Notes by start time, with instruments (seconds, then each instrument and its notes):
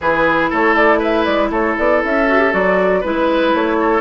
0.00 bassoon E3, clarinet E4, oboe G#4, flute B4
0.50 bassoon A3, oboe A4, flute C#5
0.75 flute D5
0.98 oboe B4, flute E5
1.24 bassoon G#3, flute D5
1.50 bassoon A3, oboe A4, flute C#5
1.78 bassoon B3, flute D5
2.04 bassoon C#4, flute E5
2.27 clarinet F#4
2.39 clarinet G4
2.52 bassoon F#3, clarinet F#4, flute D5
3.00 bassoon G#3, clarinet E4, oboe B4, flute B4
3.54 bassoon A3, flute C#5
3.80 oboe A4